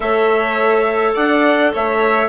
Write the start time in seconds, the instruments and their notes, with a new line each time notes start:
0.00 bassoon A3, clarinet A4, violin C#5, trumpet E5
1.14 bassoon D4, violin D5, trumpet F#5
1.73 bassoon A3, violin C#5, trumpet E5